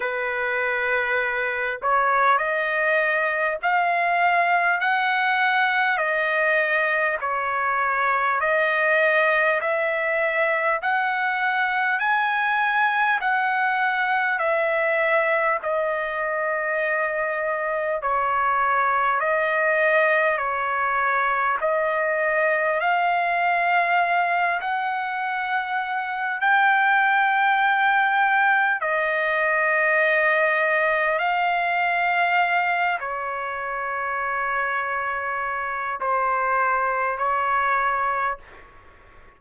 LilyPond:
\new Staff \with { instrumentName = "trumpet" } { \time 4/4 \tempo 4 = 50 b'4. cis''8 dis''4 f''4 | fis''4 dis''4 cis''4 dis''4 | e''4 fis''4 gis''4 fis''4 | e''4 dis''2 cis''4 |
dis''4 cis''4 dis''4 f''4~ | f''8 fis''4. g''2 | dis''2 f''4. cis''8~ | cis''2 c''4 cis''4 | }